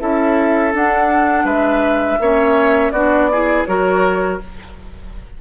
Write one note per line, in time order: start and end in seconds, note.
0.00 0.74 C#4
0.00 0.73 E4
0.00 1.45 A4
0.00 0.73 E5
0.73 2.19 D4
0.73 1.44 D4
0.73 1.46 F#5
1.44 2.18 G#3
1.44 2.18 B4
1.44 2.92 E5
2.20 2.92 A#3
2.20 2.95 C#4
2.20 2.93 C#5
2.92 3.65 B3
2.92 3.32 D4
2.92 3.29 F#4
2.92 3.65 D5
3.32 3.67 E4
3.32 3.68 G#4
3.66 4.41 F#3
3.66 4.41 F#4
3.66 4.41 A#4
3.66 4.39 C#5